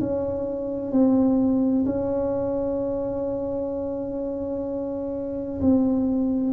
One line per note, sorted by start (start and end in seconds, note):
0.00 0.92 C#4
0.92 1.85 C4
1.86 5.61 C#4
5.61 6.53 C4